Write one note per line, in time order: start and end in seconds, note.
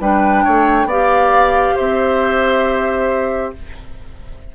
0.00 0.44 G3
0.00 0.89 D4
0.00 0.44 B4
0.00 0.89 G5
0.44 0.85 A3
0.44 0.87 C#5
0.85 1.73 B3
0.85 3.55 G4
0.85 1.75 D5
0.85 1.77 F5
1.75 3.55 C4
1.75 3.52 C5
1.75 3.53 E5